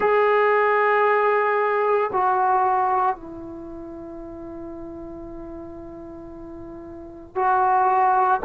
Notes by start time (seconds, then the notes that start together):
0.00 G#4
2.12 F#4
3.15 E4
7.34 F#4